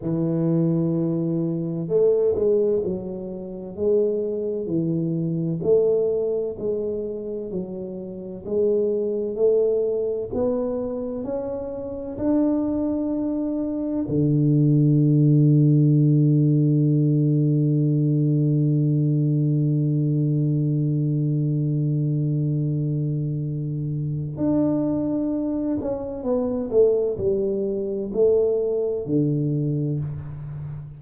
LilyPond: \new Staff \with { instrumentName = "tuba" } { \time 4/4 \tempo 4 = 64 e2 a8 gis8 fis4 | gis4 e4 a4 gis4 | fis4 gis4 a4 b4 | cis'4 d'2 d4~ |
d1~ | d1~ | d2 d'4. cis'8 | b8 a8 g4 a4 d4 | }